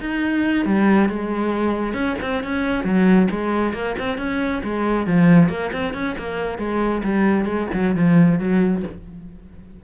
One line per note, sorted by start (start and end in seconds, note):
0.00 0.65 D#4
0.65 1.09 G3
1.09 1.93 G#3
1.93 2.15 C#4
2.21 2.43 C4
2.44 2.84 C#4
2.84 3.28 F#3
3.30 3.73 G#3
3.73 3.95 A#3
3.98 4.18 C4
4.18 4.62 C#4
4.63 5.07 G#3
5.07 5.49 F3
5.49 5.71 A#3
5.72 5.94 C4
5.94 6.16 C#4
6.18 6.58 A#3
6.58 7.02 G#3
7.03 7.46 G3
7.46 7.68 G#3
7.73 7.95 F#3
7.95 8.39 F3
8.39 8.83 F#3